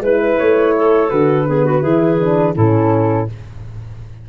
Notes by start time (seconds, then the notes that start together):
0.00 G#3 E4 B4
0.39 A3 C#5
0.77 A4
1.10 D3 F#4 B4
1.48 B3 G#4
1.66 F#4
1.83 E3 E4 G#4
2.20 D4
2.55 A2 C#4 E4 A4